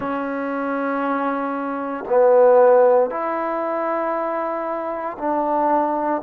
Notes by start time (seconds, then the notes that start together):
0.00 C#4
2.08 B3
3.10 E4
5.18 D4